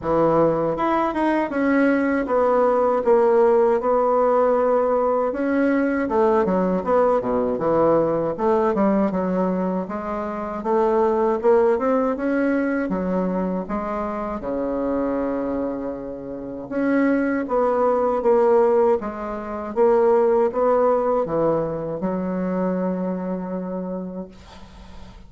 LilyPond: \new Staff \with { instrumentName = "bassoon" } { \time 4/4 \tempo 4 = 79 e4 e'8 dis'8 cis'4 b4 | ais4 b2 cis'4 | a8 fis8 b8 b,8 e4 a8 g8 | fis4 gis4 a4 ais8 c'8 |
cis'4 fis4 gis4 cis4~ | cis2 cis'4 b4 | ais4 gis4 ais4 b4 | e4 fis2. | }